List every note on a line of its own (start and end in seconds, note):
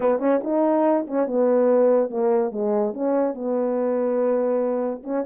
0.00 0.19 B3
0.19 0.40 C#4
0.43 1.06 D#4
1.07 1.26 C#4
1.26 2.10 B3
2.10 2.51 A#3
2.51 2.93 G#3
2.93 3.34 C#4
3.34 5.02 B3
5.03 5.24 C#4